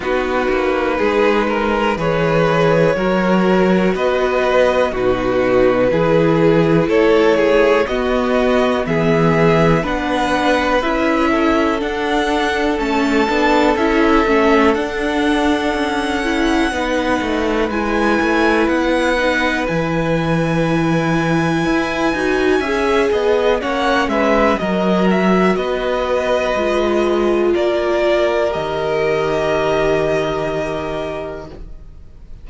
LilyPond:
<<
  \new Staff \with { instrumentName = "violin" } { \time 4/4 \tempo 4 = 61 b'2 cis''2 | dis''4 b'2 cis''4 | dis''4 e''4 fis''4 e''4 | fis''4 a''4 e''4 fis''4~ |
fis''2 gis''4 fis''4 | gis''1 | fis''8 e''8 dis''8 e''8 dis''2 | d''4 dis''2. | }
  \new Staff \with { instrumentName = "violin" } { \time 4/4 fis'4 gis'8 ais'8 b'4 ais'4 | b'4 fis'4 gis'4 a'8 gis'8 | fis'4 gis'4 b'4. a'8~ | a'1~ |
a'4 b'2.~ | b'2. e''8 dis''8 | cis''8 b'8 ais'4 b'2 | ais'1 | }
  \new Staff \with { instrumentName = "viola" } { \time 4/4 dis'2 gis'4 fis'4~ | fis'4 dis'4 e'2 | b2 d'4 e'4 | d'4 cis'8 d'8 e'8 cis'8 d'4~ |
d'8 e'8 dis'4 e'4. dis'8 | e'2~ e'8 fis'8 gis'4 | cis'4 fis'2 f'4~ | f'4 g'2. | }
  \new Staff \with { instrumentName = "cello" } { \time 4/4 b8 ais8 gis4 e4 fis4 | b4 b,4 e4 a4 | b4 e4 b4 cis'4 | d'4 a8 b8 cis'8 a8 d'4 |
cis'4 b8 a8 gis8 a8 b4 | e2 e'8 dis'8 cis'8 b8 | ais8 gis8 fis4 b4 gis4 | ais4 dis2. | }
>>